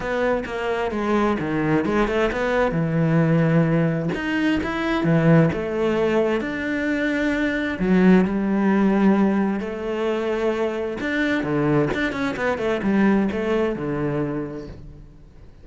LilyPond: \new Staff \with { instrumentName = "cello" } { \time 4/4 \tempo 4 = 131 b4 ais4 gis4 dis4 | gis8 a8 b4 e2~ | e4 dis'4 e'4 e4 | a2 d'2~ |
d'4 fis4 g2~ | g4 a2. | d'4 d4 d'8 cis'8 b8 a8 | g4 a4 d2 | }